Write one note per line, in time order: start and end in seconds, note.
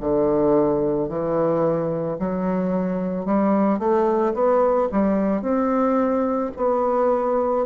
0.00 1.08 D3
1.08 2.17 E3
2.19 3.25 F#3
3.25 3.78 G3
3.78 4.33 A3
4.33 4.88 B3
4.91 5.41 G3
5.41 6.51 C4
6.56 7.66 B3